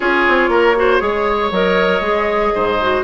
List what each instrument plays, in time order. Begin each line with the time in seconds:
0.00 bassoon C#4, clarinet F4, oboe G#4, flute C#5
0.28 bassoon C4
0.48 bassoon A#3, oboe A#4
0.76 clarinet F#4, oboe C5
0.99 bassoon G#3, clarinet G#4, oboe C#5
1.51 bassoon F#3, clarinet A#4, flute D#5
2.00 bassoon G#3, clarinet G#4
2.54 bassoon G#2, oboe C5
2.81 clarinet F#4